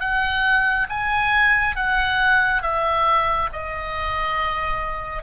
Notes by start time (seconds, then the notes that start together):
0.00 F#5
0.89 G#5
1.76 F#5
2.62 E5
3.53 D#5